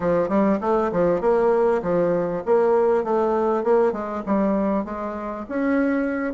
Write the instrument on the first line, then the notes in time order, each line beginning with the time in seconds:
bassoon
0.00 F3
0.29 G3
0.61 A3
0.91 F3
1.20 A#3
1.82 F3
2.45 A#3
3.03 A3
3.63 A#3
3.92 G#3
4.26 G3
4.85 G#3
5.48 C#4